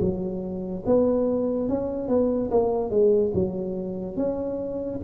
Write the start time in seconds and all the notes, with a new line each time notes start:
0.00 F#3
0.86 B3
1.69 C#4
2.08 B3
2.50 A#3
2.90 G#3
3.34 F#3
4.16 C#4